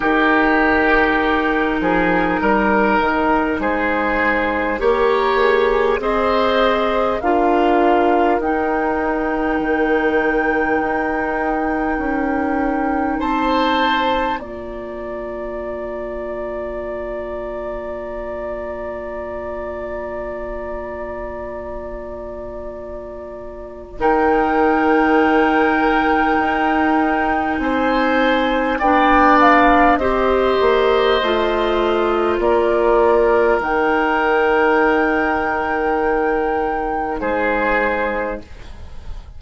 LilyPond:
<<
  \new Staff \with { instrumentName = "flute" } { \time 4/4 \tempo 4 = 50 ais'2. c''4 | ais'8 gis'8 dis''4 f''4 g''4~ | g''2. a''4 | ais''1~ |
ais''1 | g''2. gis''4 | g''8 f''8 dis''2 d''4 | g''2. c''4 | }
  \new Staff \with { instrumentName = "oboe" } { \time 4/4 g'4. gis'8 ais'4 gis'4 | cis''4 c''4 ais'2~ | ais'2. c''4 | d''1~ |
d''1 | ais'2. c''4 | d''4 c''2 ais'4~ | ais'2. gis'4 | }
  \new Staff \with { instrumentName = "clarinet" } { \time 4/4 dis'1 | g'4 gis'4 f'4 dis'4~ | dis'1 | f'1~ |
f'1 | dis'1 | d'4 g'4 f'2 | dis'1 | }
  \new Staff \with { instrumentName = "bassoon" } { \time 4/4 dis4. f8 g8 dis8 gis4 | ais4 c'4 d'4 dis'4 | dis4 dis'4 cis'4 c'4 | ais1~ |
ais1 | dis2 dis'4 c'4 | b4 c'8 ais8 a4 ais4 | dis2. gis4 | }
>>